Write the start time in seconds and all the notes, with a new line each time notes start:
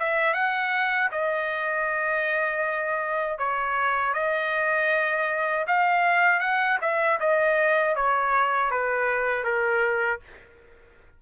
0.00 E5
0.34 F#5
1.12 D#5
3.39 C#5
4.14 D#5
5.68 F5
6.40 F#5
6.82 E5
7.20 D#5
7.96 C#5
8.71 B4
9.45 A#4